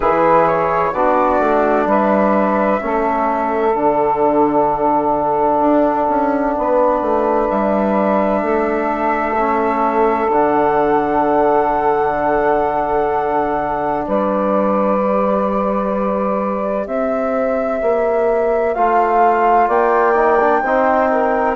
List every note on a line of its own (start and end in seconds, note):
0.00 0.92 E3
0.00 0.94 E4
0.00 0.91 G#4
0.00 0.47 B4
0.47 0.93 C#5
0.91 1.39 B3
0.91 2.80 D4
0.91 1.85 F#4
0.91 1.87 D5
1.39 1.85 A3
1.85 2.79 G3
1.85 2.81 B4
1.85 3.76 E5
2.80 3.75 A3
2.80 3.73 C#4
2.80 6.57 A4
3.73 5.60 D3
3.73 9.36 D4
3.73 7.49 F#5
5.60 6.07 D4
6.08 6.55 C#4
6.57 7.01 B3
6.57 8.42 B4
7.01 7.48 A3
7.49 8.42 G3
7.49 10.30 E5
8.42 10.28 A3
8.42 14.04 A4
9.37 10.30 C#4
10.28 14.03 D3
10.28 15.00 D4
10.28 14.06 F#5
14.07 16.87 G3
14.07 16.87 B4
14.07 16.86 D5
15.00 18.74 G4
16.86 17.80 C4
16.86 19.67 C5
16.86 18.74 E5
17.81 18.75 A#3
18.74 19.68 A3
18.74 20.15 F4
18.74 19.67 F5
19.67 20.62 A#3
19.67 20.61 D5
19.67 21.55 G5
20.15 20.38 D#4
20.40 20.63 D4
20.62 21.55 C4
20.62 21.55 D#4
20.62 21.09 C5
21.11 21.55 A#4